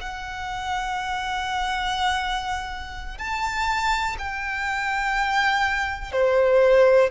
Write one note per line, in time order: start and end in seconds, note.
0.00 3.17 F#5
3.17 4.16 A5
4.18 6.12 G5
6.12 7.10 C5